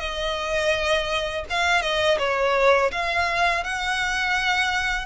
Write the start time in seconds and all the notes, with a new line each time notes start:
0.00 D#5
1.50 F5
1.82 D#5
2.19 C#5
2.91 F5
3.64 F#5